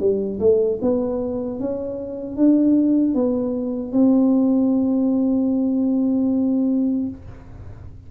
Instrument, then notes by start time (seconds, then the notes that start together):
tuba
0.00 G3
0.40 A3
0.81 B3
1.60 C#4
2.36 D4
3.14 B3
3.93 C4